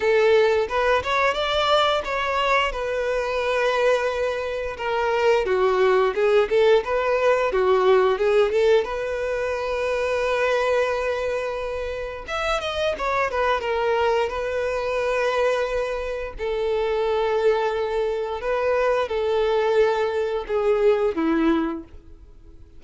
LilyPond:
\new Staff \with { instrumentName = "violin" } { \time 4/4 \tempo 4 = 88 a'4 b'8 cis''8 d''4 cis''4 | b'2. ais'4 | fis'4 gis'8 a'8 b'4 fis'4 | gis'8 a'8 b'2.~ |
b'2 e''8 dis''8 cis''8 b'8 | ais'4 b'2. | a'2. b'4 | a'2 gis'4 e'4 | }